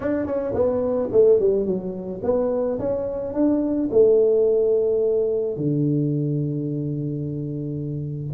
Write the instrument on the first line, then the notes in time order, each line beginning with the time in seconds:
tuba
0.00 D4
0.26 C#4
0.54 B3
1.12 A3
1.39 G3
1.65 F#3
2.23 B3
2.79 C#4
3.33 D4
3.91 A3
5.57 D3